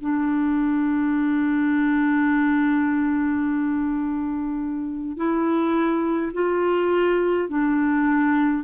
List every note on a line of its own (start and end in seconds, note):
0.00 5.16 D4
5.16 6.31 E4
6.33 7.48 F4
7.48 8.63 D4